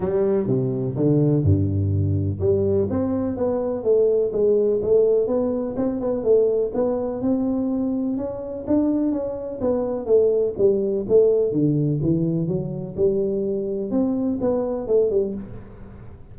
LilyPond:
\new Staff \with { instrumentName = "tuba" } { \time 4/4 \tempo 4 = 125 g4 c4 d4 g,4~ | g,4 g4 c'4 b4 | a4 gis4 a4 b4 | c'8 b8 a4 b4 c'4~ |
c'4 cis'4 d'4 cis'4 | b4 a4 g4 a4 | d4 e4 fis4 g4~ | g4 c'4 b4 a8 g8 | }